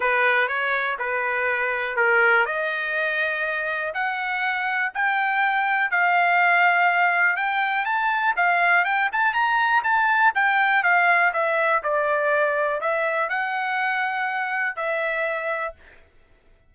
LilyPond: \new Staff \with { instrumentName = "trumpet" } { \time 4/4 \tempo 4 = 122 b'4 cis''4 b'2 | ais'4 dis''2. | fis''2 g''2 | f''2. g''4 |
a''4 f''4 g''8 a''8 ais''4 | a''4 g''4 f''4 e''4 | d''2 e''4 fis''4~ | fis''2 e''2 | }